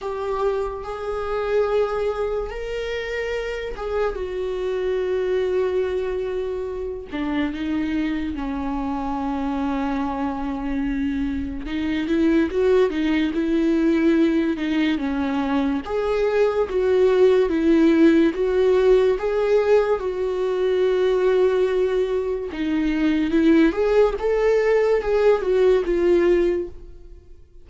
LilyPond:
\new Staff \with { instrumentName = "viola" } { \time 4/4 \tempo 4 = 72 g'4 gis'2 ais'4~ | ais'8 gis'8 fis'2.~ | fis'8 d'8 dis'4 cis'2~ | cis'2 dis'8 e'8 fis'8 dis'8 |
e'4. dis'8 cis'4 gis'4 | fis'4 e'4 fis'4 gis'4 | fis'2. dis'4 | e'8 gis'8 a'4 gis'8 fis'8 f'4 | }